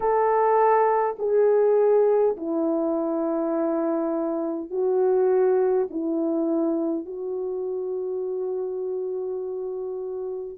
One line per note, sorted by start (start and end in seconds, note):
0.00 1.16 A4
1.18 2.36 G#4
2.36 4.70 E4
4.70 5.88 F#4
5.90 7.05 E4
7.05 10.57 F#4